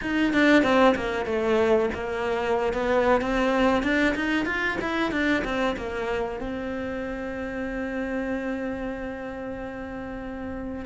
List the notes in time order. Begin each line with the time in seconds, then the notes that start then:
0.01 D#4
0.33 D4
0.63 C4
0.95 A#3
1.25 A3
1.94 A#3
2.73 B3
3.21 C4
3.83 D4
4.15 D#4
4.45 F4
4.81 E4
5.11 D4
5.44 C4
5.76 A#3
6.40 C4